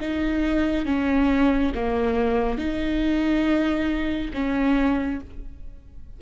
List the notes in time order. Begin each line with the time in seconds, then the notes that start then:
0.00 D#4
0.85 C#4
1.74 A#3
2.57 D#4
4.33 C#4